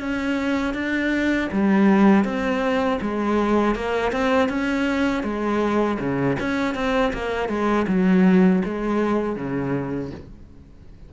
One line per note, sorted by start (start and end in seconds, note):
0.00 0.74 C#4
0.74 1.49 D4
1.52 2.24 G3
2.24 2.99 C4
3.01 3.75 G#3
3.75 4.12 A#3
4.12 4.49 C4
4.49 5.23 C#4
5.23 5.98 G#3
5.99 6.37 C#3
6.40 6.75 C#4
6.75 7.12 C4
7.13 7.49 A#3
7.49 7.86 G#3
7.88 8.62 F#3
8.65 9.36 G#3
9.36 10.11 C#3